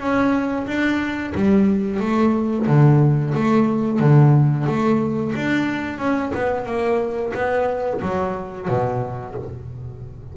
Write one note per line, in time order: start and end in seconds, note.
0.00 0.67 C#4
0.67 1.34 D4
1.35 2.00 G3
2.00 2.67 A3
2.67 3.34 D3
3.35 4.00 A3
4.00 4.67 D3
4.67 5.34 A3
5.36 5.99 D4
5.99 6.32 C#4
6.35 6.66 B3
6.66 7.33 A#3
7.35 8.01 B3
8.02 8.69 F#3
8.69 9.36 B2